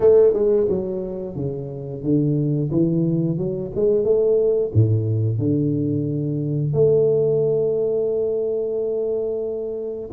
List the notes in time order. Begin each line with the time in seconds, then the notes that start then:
0.00 A3
0.33 G#3
0.69 F#3
1.35 C#3
2.03 D3
2.71 E3
3.37 F#3
3.75 G#3
4.04 A3
4.74 A2
5.38 D3
6.73 A3